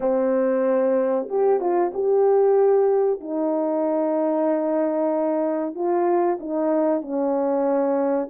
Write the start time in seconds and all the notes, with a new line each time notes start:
0.00 C4
1.28 G4
1.60 F4
1.94 G4
3.20 D#4
5.74 F4
6.40 D#4
7.01 C#4